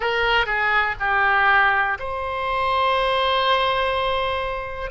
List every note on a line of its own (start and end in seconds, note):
0.00 0.46 A#4
0.46 0.95 G#4
0.99 1.98 G4
1.99 4.90 C5